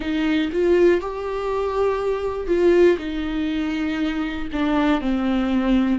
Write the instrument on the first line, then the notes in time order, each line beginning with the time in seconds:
viola
0.00 D#4
0.52 F4
1.00 G4
2.47 F4
2.98 D#4
4.52 D4
5.00 C4